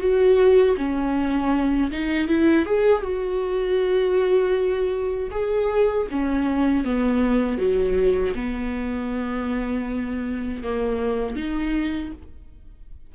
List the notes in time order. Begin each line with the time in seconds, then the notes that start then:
0.00 F#4
0.77 C#4
1.92 D#4
2.28 E4
2.66 G#4
3.03 F#4
5.31 G#4
6.11 C#4
6.84 B3
7.58 F#3
8.35 B3
10.63 A#3
11.36 D#4